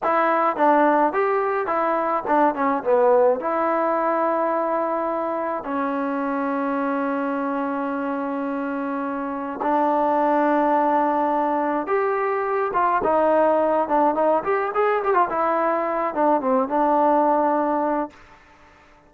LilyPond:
\new Staff \with { instrumentName = "trombone" } { \time 4/4 \tempo 4 = 106 e'4 d'4 g'4 e'4 | d'8 cis'8 b4 e'2~ | e'2 cis'2~ | cis'1~ |
cis'4 d'2.~ | d'4 g'4. f'8 dis'4~ | dis'8 d'8 dis'8 g'8 gis'8 g'16 f'16 e'4~ | e'8 d'8 c'8 d'2~ d'8 | }